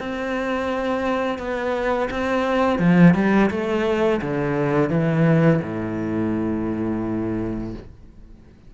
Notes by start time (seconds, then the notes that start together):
0.00 C4
1.39 B3
2.10 C4
2.79 F3
3.15 G3
3.51 A3
4.22 D3
4.90 E3
5.63 A2